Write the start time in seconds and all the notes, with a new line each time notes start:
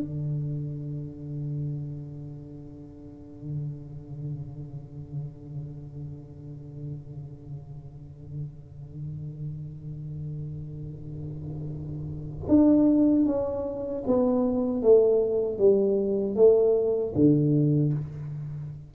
0.00 D3
12.49 D4
13.26 C#4
14.07 B3
14.83 A3
15.58 G3
16.36 A3
17.15 D3